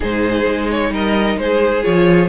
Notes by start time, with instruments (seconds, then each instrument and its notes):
0.00 cello G#2, viola D#4, violin G#4 C5
0.46 cello G#3
0.70 violin C#5
0.90 cello G3, violin A#4 D#5
1.37 cello G#3, violin G#4 C5
1.83 cello F3, viola F4, violin C#5